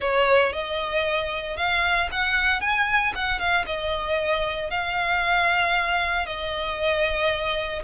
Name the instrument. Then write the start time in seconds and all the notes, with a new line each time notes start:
violin
0.00 C#5
0.52 D#5
1.57 F5
2.11 F#5
2.60 G#5
3.15 F#5
3.39 F5
3.66 D#5
4.70 F5
6.26 D#5